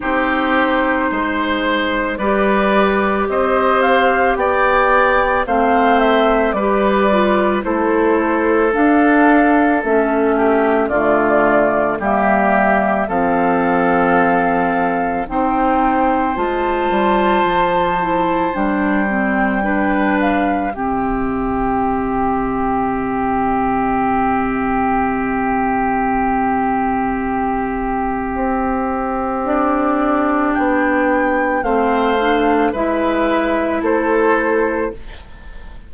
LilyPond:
<<
  \new Staff \with { instrumentName = "flute" } { \time 4/4 \tempo 4 = 55 c''2 d''4 dis''8 f''8 | g''4 f''8 e''8 d''4 c''4 | f''4 e''4 d''4 e''4 | f''2 g''4 a''4~ |
a''4 g''4. f''8 e''4~ | e''1~ | e''2. d''4 | g''4 f''4 e''4 c''4 | }
  \new Staff \with { instrumentName = "oboe" } { \time 4/4 g'4 c''4 b'4 c''4 | d''4 c''4 b'4 a'4~ | a'4. g'8 f'4 g'4 | a'2 c''2~ |
c''2 b'4 g'4~ | g'1~ | g'1~ | g'4 c''4 b'4 a'4 | }
  \new Staff \with { instrumentName = "clarinet" } { \time 4/4 dis'2 g'2~ | g'4 c'4 g'8 f'8 e'4 | d'4 cis'4 a4 ais4 | c'2 dis'4 f'4~ |
f'8 e'8 d'8 c'8 d'4 c'4~ | c'1~ | c'2. d'4~ | d'4 c'8 d'8 e'2 | }
  \new Staff \with { instrumentName = "bassoon" } { \time 4/4 c'4 gis4 g4 c'4 | b4 a4 g4 a4 | d'4 a4 d4 g4 | f2 c'4 gis8 g8 |
f4 g2 c4~ | c1~ | c2 c'2 | b4 a4 gis4 a4 | }
>>